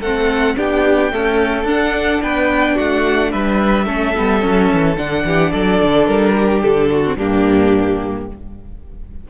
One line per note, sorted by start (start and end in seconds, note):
0.00 0.56 A3
0.00 0.57 C4
0.00 0.55 A4
0.00 0.56 F#5
0.57 1.13 B3
0.57 1.11 D4
0.57 1.12 G4
0.57 1.68 G5
1.11 1.67 A3
1.11 1.64 C#4
1.11 2.22 A4
1.64 2.19 D4
1.64 3.86 D4
1.64 2.22 F#5
2.22 2.78 B3
2.22 2.75 B4
2.22 2.77 G5
2.75 3.33 A3
2.75 3.30 F#4
2.75 3.31 F#5
3.31 3.86 G3
3.31 3.85 B4
3.31 4.96 E5
3.85 4.14 A3
3.85 4.14 C#4
3.85 5.23 A4
4.15 4.44 G3
4.15 4.40 B3
4.40 4.72 F#3
4.40 4.95 C#4
4.73 4.97 E3
4.97 5.24 D3
4.97 7.04 D4
4.97 5.52 F#5
5.25 5.52 E3
5.25 5.52 G4
5.52 5.81 F#3
5.52 6.35 A4
5.52 6.06 D5
5.81 6.07 D3
6.06 6.62 G3
6.06 6.61 A#4
6.35 6.90 G4
6.62 7.16 D3
6.62 7.17 A4
6.91 7.17 F#4
7.04 7.18 C4
7.16 8.26 G2
7.16 8.30 A#3
7.16 8.27 D4
7.16 8.27 G4